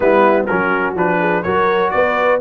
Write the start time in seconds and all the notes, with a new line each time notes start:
0.00 G3 B3 E4 B4
0.46 F#3 C#4 F#4 A#4
0.95 F3 D4 B4
1.19 G#4
1.43 F#3 F#4 A#4 C#5
1.90 B3 B4 D5